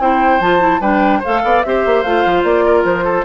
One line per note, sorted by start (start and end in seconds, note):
0.00 0.40 C4
0.00 0.41 E4
0.00 0.81 C5
0.00 0.41 G5
0.40 0.80 F3
0.40 0.60 F4
0.40 0.81 A5
0.60 0.80 E4
0.80 1.21 G3
0.80 1.22 D4
0.80 1.19 B4
0.80 1.22 G5
1.19 1.64 A4
1.19 1.39 C5
1.19 1.62 F5
1.26 1.43 A3
1.43 1.64 B3
1.43 1.65 D5
1.62 1.85 C4
1.62 2.05 G4
1.62 2.65 C5
1.62 2.02 E5
1.85 2.04 A#3
2.02 2.24 A3
2.02 3.25 F4
2.02 2.43 F5
2.25 2.43 F3
2.43 2.84 A#3
2.43 2.84 D5
2.65 3.04 A#4
2.84 3.25 F3
2.84 3.25 C5
3.04 3.25 A4